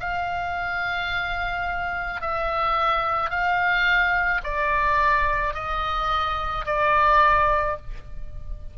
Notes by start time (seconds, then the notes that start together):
0.00 F5
2.21 E5
3.30 F5
4.43 D5
5.54 D#5
6.65 D5